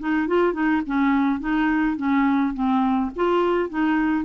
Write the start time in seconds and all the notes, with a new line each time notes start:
0.00 D#4
0.28 F4
0.54 D#4
0.87 C#4
1.40 D#4
1.97 C#4
2.54 C4
3.16 F4
3.70 D#4